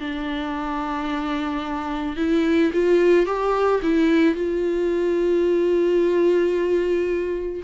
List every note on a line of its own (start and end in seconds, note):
0.00 2.17 D4
2.17 2.71 E4
2.73 3.26 F4
3.26 3.81 G4
3.82 4.35 E4
4.35 7.62 F4